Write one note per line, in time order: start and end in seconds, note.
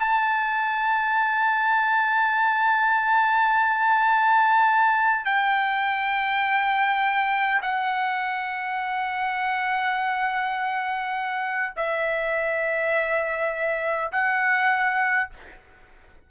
0.00 5.26 A5
5.26 7.61 G5
7.62 11.74 F#5
11.76 14.12 E5
14.12 15.30 F#5